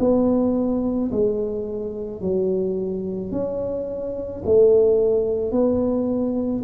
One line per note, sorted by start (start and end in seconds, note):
0.00 1.11 B3
1.12 2.21 G#3
2.21 3.32 F#3
3.32 4.43 C#4
4.45 5.52 A3
5.52 6.63 B3